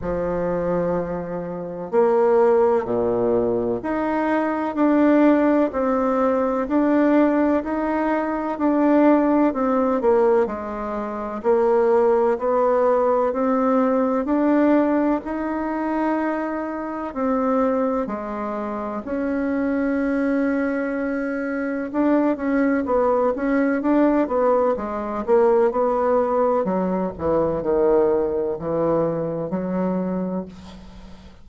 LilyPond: \new Staff \with { instrumentName = "bassoon" } { \time 4/4 \tempo 4 = 63 f2 ais4 ais,4 | dis'4 d'4 c'4 d'4 | dis'4 d'4 c'8 ais8 gis4 | ais4 b4 c'4 d'4 |
dis'2 c'4 gis4 | cis'2. d'8 cis'8 | b8 cis'8 d'8 b8 gis8 ais8 b4 | fis8 e8 dis4 e4 fis4 | }